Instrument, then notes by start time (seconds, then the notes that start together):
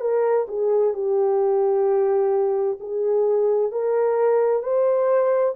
horn
0.00 A#4
0.48 G#4
0.94 G4
2.80 G#4
3.72 A#4
4.63 C5